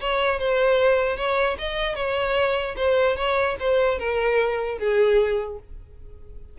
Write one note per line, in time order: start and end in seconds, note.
0.00 0.39 C#5
0.39 1.16 C5
1.16 1.56 C#5
1.58 1.95 D#5
1.95 2.75 C#5
2.76 3.16 C5
3.16 3.56 C#5
3.59 3.99 C5
3.99 4.78 A#4
4.78 5.58 G#4